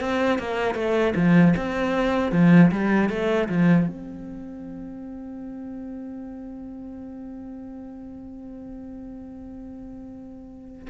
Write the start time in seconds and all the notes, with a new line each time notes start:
0.00 C4
0.38 A#3
0.74 A3
1.15 F3
1.57 C4
2.32 F3
2.71 G3
3.09 A3
3.49 F3
3.87 C4